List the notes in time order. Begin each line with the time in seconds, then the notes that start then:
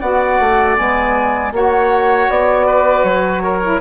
0.00 B3 F#4 D5 F#5
0.40 A3
0.76 G#3 B3 G#5
1.52 A#3 F#4 C#5 F#5
2.29 B3 D5
2.66 B4
3.04 F#3 C#5
3.43 A#4
3.62 E4